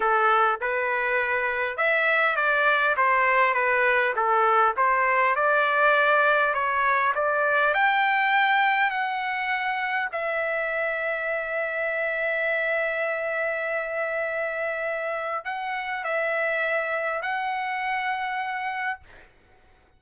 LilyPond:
\new Staff \with { instrumentName = "trumpet" } { \time 4/4 \tempo 4 = 101 a'4 b'2 e''4 | d''4 c''4 b'4 a'4 | c''4 d''2 cis''4 | d''4 g''2 fis''4~ |
fis''4 e''2.~ | e''1~ | e''2 fis''4 e''4~ | e''4 fis''2. | }